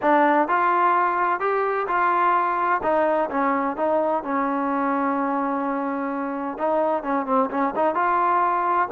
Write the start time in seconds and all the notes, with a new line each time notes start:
0.01 D4
0.48 F4
1.40 G4
1.87 F4
2.83 D#4
3.30 C#4
3.76 D#4
4.23 C#4
6.58 D#4
7.03 C#4
7.25 C4
7.50 C#4
7.75 D#4
7.94 F4